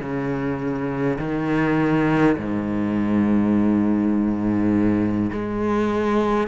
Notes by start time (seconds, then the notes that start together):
0.00 C#3
1.18 D#3
2.36 G#2
5.32 G#3